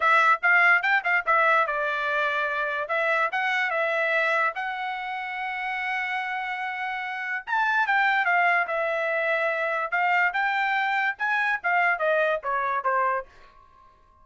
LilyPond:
\new Staff \with { instrumentName = "trumpet" } { \time 4/4 \tempo 4 = 145 e''4 f''4 g''8 f''8 e''4 | d''2. e''4 | fis''4 e''2 fis''4~ | fis''1~ |
fis''2 a''4 g''4 | f''4 e''2. | f''4 g''2 gis''4 | f''4 dis''4 cis''4 c''4 | }